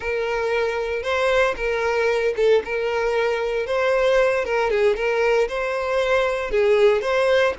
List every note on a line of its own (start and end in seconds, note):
0.00 1.02 A#4
1.02 1.54 C5
1.56 2.34 A#4
2.36 2.62 A4
2.64 3.66 A#4
3.66 4.44 C5
4.44 4.70 A#4
4.70 4.96 G#4
4.96 5.48 A#4
5.48 6.50 C5
6.50 7.01 G#4
7.01 7.53 C5